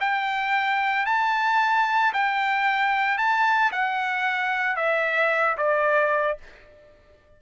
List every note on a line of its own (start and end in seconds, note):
0.00 1.06 G5
1.06 2.13 A5
2.13 3.18 G5
3.18 3.71 A5
3.72 4.76 F#5
4.76 5.57 E5
5.58 6.38 D5